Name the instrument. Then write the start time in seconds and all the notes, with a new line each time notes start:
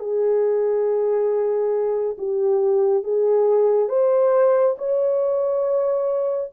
horn
0.00 G#4
2.18 G4
3.04 G#4
3.89 C5
4.78 C#5